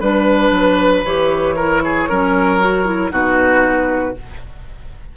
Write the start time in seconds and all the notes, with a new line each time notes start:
0.00 G3 D4 B4
0.51 F#3
1.04 E3 G4 C#5
1.56 E4 A#4
1.84 G#4
2.09 F#3 C#4 A#4
2.60 F#4
2.85 E4
3.10 B2 D#4 F#4 B4